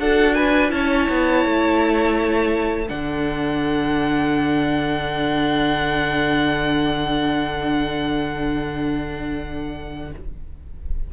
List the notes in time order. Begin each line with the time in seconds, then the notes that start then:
0.00 D4 F#4 A4 F#5
0.35 B4 G#5
0.69 C#4 E4 A5
0.75 C#5
1.10 B3
1.46 A3
2.86 D3 D4 A4 F#5